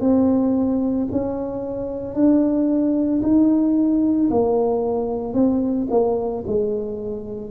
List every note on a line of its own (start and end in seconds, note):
0.00 1.07 C4
1.12 2.14 C#4
2.14 3.21 D4
3.22 4.29 D#4
4.30 5.33 A#3
5.33 5.87 C4
5.90 6.44 A#3
6.47 7.51 G#3